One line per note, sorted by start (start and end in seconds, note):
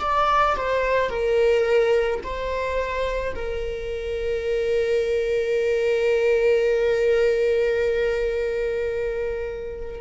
0.00 0.56 D5
0.56 1.10 C5
1.10 2.21 A#4
2.23 3.34 C5
3.35 10.01 A#4